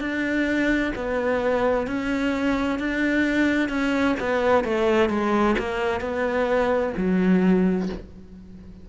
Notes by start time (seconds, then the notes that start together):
0.00 D4
0.95 B3
1.87 C#4
2.79 D4
3.69 C#4
4.20 B3
4.64 A3
5.09 G#3
5.59 A#3
6.00 B3
6.97 F#3